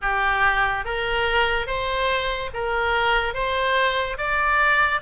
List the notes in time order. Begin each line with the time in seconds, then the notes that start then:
0.01 G4
0.84 A#4
1.67 C5
2.53 A#4
3.33 C5
4.17 D5